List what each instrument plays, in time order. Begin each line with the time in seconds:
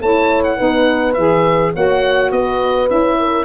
0.00 tuba A3, saxophone E4, horn C#5, oboe A5
0.44 oboe F#5
0.57 tuba B3, saxophone D#4, horn B4
1.14 tuba E3, saxophone G#4, oboe E5
1.74 tuba A#3, saxophone F#4, horn C#5, oboe F#5
2.31 tuba B3, horn B4, oboe D#5
2.88 tuba C#4, saxophone E4, oboe E5
3.19 horn A#4